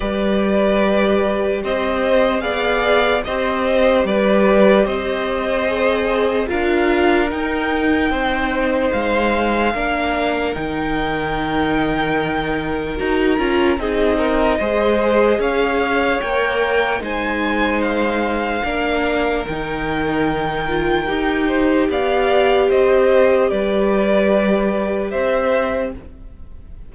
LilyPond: <<
  \new Staff \with { instrumentName = "violin" } { \time 4/4 \tempo 4 = 74 d''2 dis''4 f''4 | dis''4 d''4 dis''2 | f''4 g''2 f''4~ | f''4 g''2. |
ais''4 dis''2 f''4 | g''4 gis''4 f''2 | g''2. f''4 | dis''4 d''2 e''4 | }
  \new Staff \with { instrumentName = "violin" } { \time 4/4 b'2 c''4 d''4 | c''4 b'4 c''2 | ais'2 c''2 | ais'1~ |
ais'4 gis'8 ais'8 c''4 cis''4~ | cis''4 c''2 ais'4~ | ais'2~ ais'8 c''8 d''4 | c''4 b'2 c''4 | }
  \new Staff \with { instrumentName = "viola" } { \time 4/4 g'2. gis'4 | g'2. gis'4 | f'4 dis'2. | d'4 dis'2. |
fis'8 f'8 dis'4 gis'2 | ais'4 dis'2 d'4 | dis'4. f'8 g'2~ | g'1 | }
  \new Staff \with { instrumentName = "cello" } { \time 4/4 g2 c'4 b4 | c'4 g4 c'2 | d'4 dis'4 c'4 gis4 | ais4 dis2. |
dis'8 cis'8 c'4 gis4 cis'4 | ais4 gis2 ais4 | dis2 dis'4 b4 | c'4 g2 c'4 | }
>>